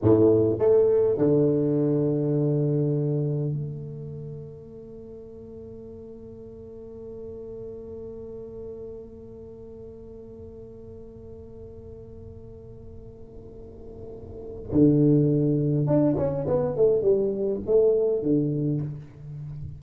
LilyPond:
\new Staff \with { instrumentName = "tuba" } { \time 4/4 \tempo 4 = 102 a,4 a4 d2~ | d2 a2~ | a1~ | a1~ |
a1~ | a1~ | a4 d2 d'8 cis'8 | b8 a8 g4 a4 d4 | }